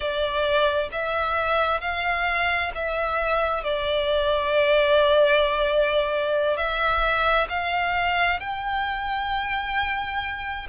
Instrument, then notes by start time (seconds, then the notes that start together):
violin
0.00 D5
0.91 E5
1.81 F5
2.74 E5
3.63 D5
6.57 E5
7.49 F5
8.40 G5